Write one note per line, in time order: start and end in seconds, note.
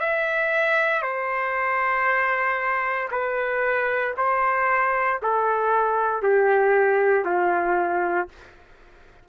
0.00 1.02 E5
1.02 3.09 C5
3.12 4.15 B4
4.18 5.21 C5
5.23 6.23 A4
6.23 7.25 G4
7.25 8.29 F4